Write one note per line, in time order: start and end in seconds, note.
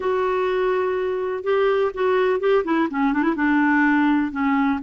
0.00 1.43 F#4
1.43 1.91 G4
1.94 2.40 F#4
2.40 2.64 G4
2.64 2.88 E4
2.90 3.13 C#4
3.13 3.23 D4
3.23 3.35 E4
3.35 4.31 D4
4.31 4.79 C#4